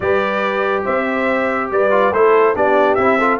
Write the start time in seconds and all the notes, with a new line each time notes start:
0.00 G3 G4 B4 D5
0.83 C4 C5 E5
1.70 G3 B4 D5
1.90 F4
2.11 A3 E4 A4 C5
2.54 B3 D4 G4 D5
2.94 C4 E4 E5
3.19 F4 A4